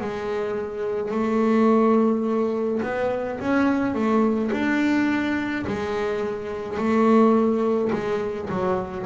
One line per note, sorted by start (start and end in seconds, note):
0.00 1.11 G#3
1.11 2.81 A3
2.83 3.39 B3
3.40 3.94 C#4
3.94 4.51 A3
4.52 5.66 D4
5.67 6.78 G#3
6.78 7.91 A3
7.92 8.49 G#3
8.50 9.06 F#3